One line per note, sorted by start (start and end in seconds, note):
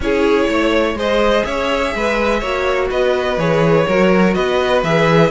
0.00 0.47 C#4
0.00 0.96 E4
0.00 0.49 G#4
0.00 0.98 C#5
0.48 0.94 A3
0.48 0.97 C#5
0.94 1.43 G#3
0.94 2.41 G#4
0.94 1.45 C5
0.94 1.44 D#5
1.44 1.94 C#4
1.44 1.94 C#5
1.44 2.89 E5
1.94 2.42 G#3
1.94 2.39 B4
2.39 2.90 A#3
2.39 3.38 F#4
2.39 2.87 C#5
2.90 3.37 B3
2.90 3.86 B4
2.90 3.38 D#5
3.37 3.85 E3
3.37 3.87 G#4
3.37 4.34 C#5
3.86 4.36 F#3
3.86 4.84 F#4
3.86 4.34 A#4
4.34 4.83 B3
4.34 5.30 B4
4.34 4.82 D#5
4.83 5.30 E3
4.83 5.30 G#4
4.83 5.30 E5